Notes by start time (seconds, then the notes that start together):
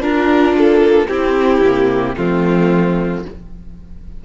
0.00 D4 F4 A#4
0.53 A#3 A4
1.08 C4 E4 G4
1.61 C3 A#3
2.16 F3 A3 C4 F4